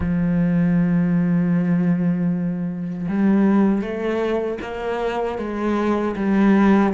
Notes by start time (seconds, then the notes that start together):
0.00 F3
3.08 G3
3.81 A3
4.61 A#3
5.38 G#3
6.16 G3